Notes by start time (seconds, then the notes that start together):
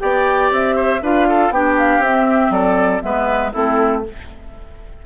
0.00 B3 G4 D5 G5
0.51 C4 E5
0.76 C5
1.02 D4 F4 B4 F5
1.29 A4
1.50 B3 D4 G4 G5
1.78 F5
1.99 C4 E5
2.50 F#3 A4 D5
3.01 G#3 B3 B4 E5
3.52 A3 C4 E4 A4